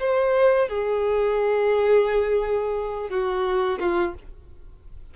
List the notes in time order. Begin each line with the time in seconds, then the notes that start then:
0.00 C5
0.69 G#4
3.10 F#4
3.80 F4